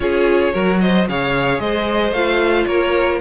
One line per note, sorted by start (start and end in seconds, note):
0.00 0.53 C#4
0.00 0.52 F4
0.00 0.52 G#4
0.00 0.80 C#5
0.52 1.08 F#3
0.52 1.06 F#4
0.52 0.79 A#4
0.80 1.08 C5
0.80 1.07 D#5
1.08 1.59 C#3
1.08 2.15 G#4
1.08 1.61 C#5
1.08 1.59 F5
1.59 2.11 G#3
1.59 2.66 C5
1.59 2.13 D#5
2.11 2.65 A3
2.11 3.21 F4
2.11 2.65 F5
2.65 3.20 A#3
2.65 3.20 A#4
2.65 3.19 C#5